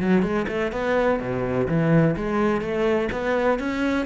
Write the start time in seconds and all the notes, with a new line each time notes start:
0.00 F#3
0.22 G#3
0.48 A3
0.72 B3
1.20 B2
1.68 E3
2.16 G#3
2.61 A3
3.12 B3
3.59 C#4